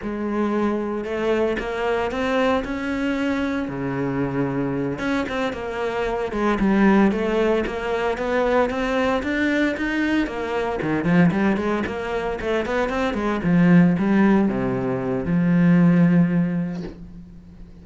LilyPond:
\new Staff \with { instrumentName = "cello" } { \time 4/4 \tempo 4 = 114 gis2 a4 ais4 | c'4 cis'2 cis4~ | cis4. cis'8 c'8 ais4. | gis8 g4 a4 ais4 b8~ |
b8 c'4 d'4 dis'4 ais8~ | ais8 dis8 f8 g8 gis8 ais4 a8 | b8 c'8 gis8 f4 g4 c8~ | c4 f2. | }